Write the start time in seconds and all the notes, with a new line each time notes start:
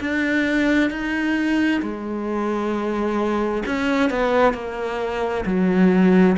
0.00 D4
0.90 D#4
1.82 G#3
3.66 C#4
4.10 B3
4.54 A#3
5.45 F#3